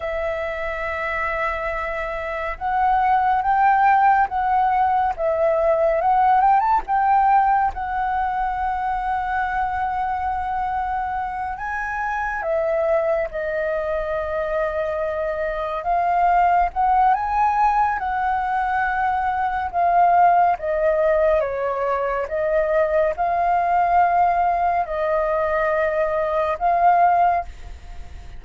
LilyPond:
\new Staff \with { instrumentName = "flute" } { \time 4/4 \tempo 4 = 70 e''2. fis''4 | g''4 fis''4 e''4 fis''8 g''16 a''16 | g''4 fis''2.~ | fis''4. gis''4 e''4 dis''8~ |
dis''2~ dis''8 f''4 fis''8 | gis''4 fis''2 f''4 | dis''4 cis''4 dis''4 f''4~ | f''4 dis''2 f''4 | }